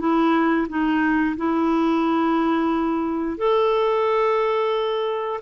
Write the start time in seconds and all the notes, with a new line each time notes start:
0.00 E4
0.69 D#4
1.37 E4
3.38 A4